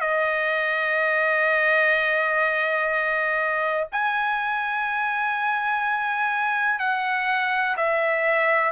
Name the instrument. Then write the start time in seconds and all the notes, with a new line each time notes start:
trumpet
0.00 D#5
3.91 G#5
6.79 F#5
7.76 E5